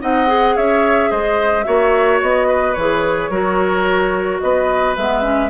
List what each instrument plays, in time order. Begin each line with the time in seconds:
0.00 bassoon C4, clarinet D#4, oboe D#5, flute F#5
0.27 clarinet G#4
0.56 bassoon C#4, oboe C#5, flute E5
1.10 bassoon G#3, oboe C5, flute D#5
1.64 bassoon A#3, clarinet F#4, oboe C#5, flute E5
2.22 bassoon B3, flute D#5
2.47 oboe B4
2.74 bassoon E3, flute C#5
2.80 clarinet G#4
3.30 bassoon F#3, clarinet F#4, oboe A#4
4.40 bassoon B3, oboe B4, flute D#5
4.96 bassoon G#3, clarinet B3, flute E5
5.22 clarinet C#4